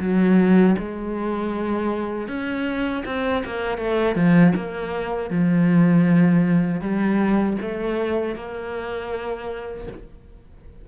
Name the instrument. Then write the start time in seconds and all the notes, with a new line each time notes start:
cello
0.00 F#3
0.78 G#3
2.28 C#4
3.05 C4
3.45 A#3
3.78 A3
4.15 F3
4.55 A#3
5.30 F3
6.81 G3
7.61 A3
8.35 A#3